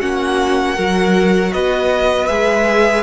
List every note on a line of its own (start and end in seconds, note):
0.00 0.78 A#3
0.00 0.76 C#4
0.00 0.75 F#4
0.00 1.53 F#5
0.75 1.54 F#3
0.75 2.28 F#4
0.75 1.51 A#4
1.53 2.29 B3
1.53 3.03 B4
1.53 2.27 D#5
2.27 3.03 G#3
2.27 3.03 G#4
2.27 3.03 E5